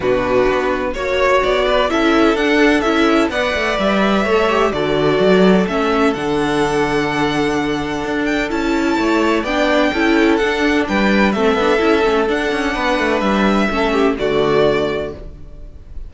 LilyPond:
<<
  \new Staff \with { instrumentName = "violin" } { \time 4/4 \tempo 4 = 127 b'2 cis''4 d''4 | e''4 fis''4 e''4 fis''4 | e''2 d''2 | e''4 fis''2.~ |
fis''4. g''8 a''2 | g''2 fis''4 g''4 | e''2 fis''2 | e''2 d''2 | }
  \new Staff \with { instrumentName = "violin" } { \time 4/4 fis'2 cis''4. b'8 | a'2. d''4~ | d''4 cis''4 a'2~ | a'1~ |
a'2. cis''4 | d''4 a'2 b'4 | a'2. b'4~ | b'4 a'8 g'8 fis'2 | }
  \new Staff \with { instrumentName = "viola" } { \time 4/4 d'2 fis'2 | e'4 d'4 e'4 b'4~ | b'4 a'8 g'8 fis'2 | cis'4 d'2.~ |
d'2 e'2 | d'4 e'4 d'2 | c'8 d'8 e'8 cis'8 d'2~ | d'4 cis'4 a2 | }
  \new Staff \with { instrumentName = "cello" } { \time 4/4 b,4 b4 ais4 b4 | cis'4 d'4 cis'4 b8 a8 | g4 a4 d4 fis4 | a4 d2.~ |
d4 d'4 cis'4 a4 | b4 cis'4 d'4 g4 | a8 b8 cis'8 a8 d'8 cis'8 b8 a8 | g4 a4 d2 | }
>>